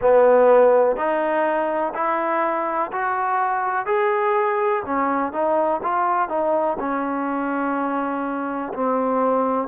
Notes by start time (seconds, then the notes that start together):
0.00 B3
0.96 D#4
1.94 E4
2.92 F#4
3.85 G#4
4.85 C#4
5.32 D#4
5.82 F4
6.28 D#4
6.79 C#4
8.73 C4